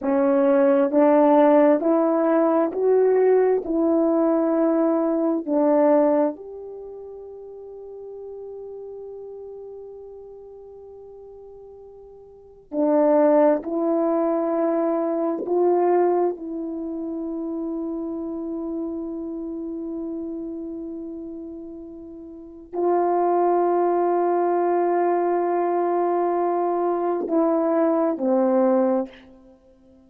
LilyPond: \new Staff \with { instrumentName = "horn" } { \time 4/4 \tempo 4 = 66 cis'4 d'4 e'4 fis'4 | e'2 d'4 g'4~ | g'1~ | g'2 d'4 e'4~ |
e'4 f'4 e'2~ | e'1~ | e'4 f'2.~ | f'2 e'4 c'4 | }